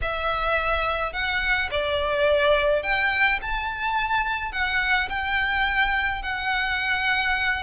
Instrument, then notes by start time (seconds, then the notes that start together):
violin
0.01 E5
1.12 F#5
1.70 D5
2.83 G5
3.41 A5
4.52 F#5
5.09 G5
6.22 F#5